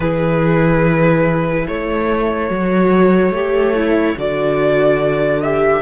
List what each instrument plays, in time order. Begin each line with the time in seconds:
0.00 cello E3, viola E4, violin G#4 B4
1.67 cello A3, violin A4 C#5
2.49 cello F#3, viola F#4
3.31 cello A3, viola G4
3.74 viola E4
4.17 cello D3, viola F#4, violin D5
5.42 viola G4, violin E5